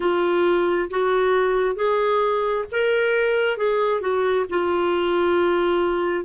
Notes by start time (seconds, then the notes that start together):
0.00 F4
0.90 F#4
1.75 G#4
2.71 A#4
3.57 G#4
4.01 F#4
4.49 F4